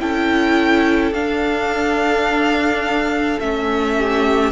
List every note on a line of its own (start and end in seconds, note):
0.00 1.12 C#4
0.00 1.13 E4
0.00 3.98 A4
0.00 1.14 G5
1.12 3.38 D4
1.12 3.40 D4
1.12 3.40 F5
3.40 4.52 A3
3.40 4.52 C#4
3.40 4.52 E5
3.98 4.52 G4